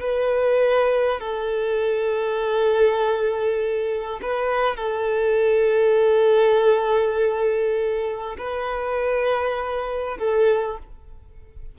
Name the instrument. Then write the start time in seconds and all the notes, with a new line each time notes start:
violin
0.00 B4
1.20 A4
4.22 B4
4.76 A4
8.38 B4
10.18 A4